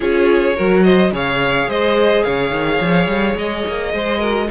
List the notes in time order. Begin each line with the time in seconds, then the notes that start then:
0.00 C#4 F4 G#4 C#5
0.55 F#3 F#4 A#4
0.83 C5 D#5
1.11 C#3 G#4 C#5 F5
1.68 G#3 C5 D#5
2.23 C#3 C#5 F5
2.51 D#3
2.80 F3
3.07 G3
3.35 G#3 D#5
3.68 A#3
3.93 G#3 C5
4.19 F#4 A#4